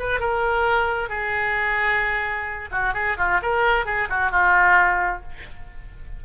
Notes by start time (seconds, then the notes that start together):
0.00 B4
0.20 A#4
1.10 G#4
2.72 F#4
2.95 G#4
3.18 F4
3.43 A#4
3.86 G#4
4.10 F#4
4.31 F4